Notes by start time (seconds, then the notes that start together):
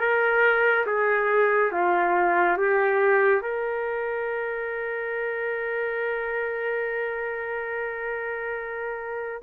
0.00 A#4
0.86 G#4
1.72 F4
2.58 G4
3.42 A#4